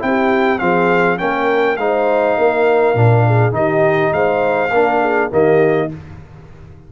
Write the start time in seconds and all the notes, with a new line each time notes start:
0.00 C4 E4 G5
0.06 G4
0.59 F3 C4 G#4 F5
1.18 A#3 C#4 A#4 G5
1.77 G#3 D#4 C5 F5
2.39 A#3 A#4
2.95 A#2 D4
3.27 G#4
3.52 D#3 D#4 G4 D#5
4.12 G#3 C5 F5
4.71 A#3 D4 A#4
5.01 G#4
5.31 D#3 A#3 G4 D#5